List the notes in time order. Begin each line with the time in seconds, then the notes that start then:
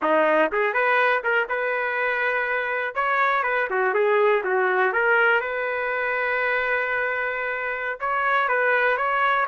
0.02 D#4
0.52 G#4
0.73 B4
1.23 A#4
1.49 B4
2.94 C#5
3.43 B4
3.70 F#4
3.93 G#4
4.44 F#4
4.92 A#4
5.41 B4
8.00 C#5
8.48 B4
8.97 C#5